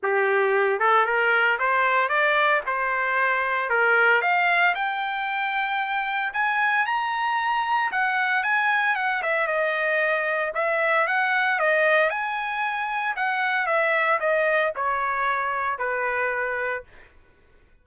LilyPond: \new Staff \with { instrumentName = "trumpet" } { \time 4/4 \tempo 4 = 114 g'4. a'8 ais'4 c''4 | d''4 c''2 ais'4 | f''4 g''2. | gis''4 ais''2 fis''4 |
gis''4 fis''8 e''8 dis''2 | e''4 fis''4 dis''4 gis''4~ | gis''4 fis''4 e''4 dis''4 | cis''2 b'2 | }